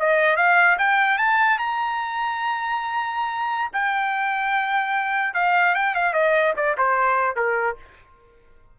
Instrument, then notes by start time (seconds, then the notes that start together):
trumpet
0.00 D#5
0.37 F5
0.79 G5
1.18 A5
1.59 A#5
3.73 G5
5.35 F5
5.75 G5
5.95 F5
6.14 D#5
6.57 D5
6.78 C5
7.36 A#4